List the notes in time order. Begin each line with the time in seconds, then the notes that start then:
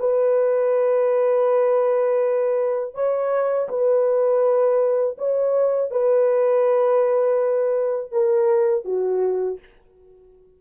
0.00 B4
2.95 C#5
3.69 B4
5.19 C#5
5.91 B4
8.12 A#4
8.86 F#4